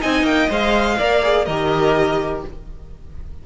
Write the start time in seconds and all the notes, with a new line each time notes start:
0.00 C4 D#4 D#5 G#5
0.22 A#3 G5
0.49 G#3 C5 F5
0.97 A#3 A#4 D5
1.23 G#4
1.45 D#3 G4 A#4 D#5